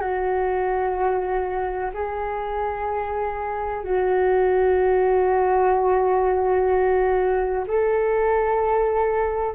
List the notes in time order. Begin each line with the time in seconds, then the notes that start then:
0.00 F#4
1.94 G#4
3.84 F#4
7.68 A4